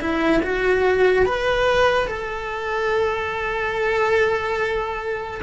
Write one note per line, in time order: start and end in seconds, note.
0.00 0.42 E4
0.42 1.25 F#4
1.25 2.07 B4
2.07 5.41 A4